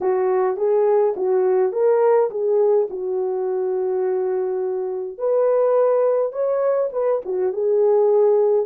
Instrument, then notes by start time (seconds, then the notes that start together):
horn
0.00 F#4
0.56 G#4
1.16 F#4
1.72 A#4
2.30 G#4
2.90 F#4
5.18 B4
6.32 C#5
6.92 B4
7.25 F#4
7.52 G#4